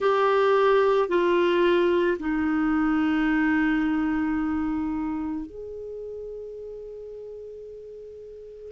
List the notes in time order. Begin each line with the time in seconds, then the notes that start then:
0.00 G4
1.08 F4
2.19 D#4
5.45 G#4